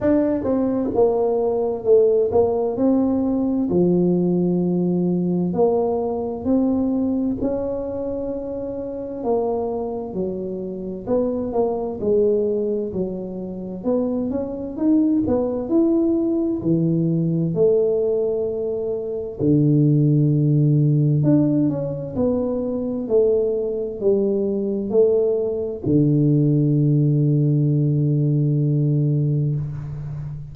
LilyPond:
\new Staff \with { instrumentName = "tuba" } { \time 4/4 \tempo 4 = 65 d'8 c'8 ais4 a8 ais8 c'4 | f2 ais4 c'4 | cis'2 ais4 fis4 | b8 ais8 gis4 fis4 b8 cis'8 |
dis'8 b8 e'4 e4 a4~ | a4 d2 d'8 cis'8 | b4 a4 g4 a4 | d1 | }